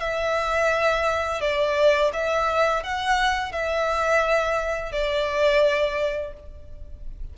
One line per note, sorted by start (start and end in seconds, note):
0.00 1.41 E5
1.41 2.11 D5
2.13 2.83 E5
2.83 3.52 F#5
3.52 4.92 E5
4.92 6.33 D5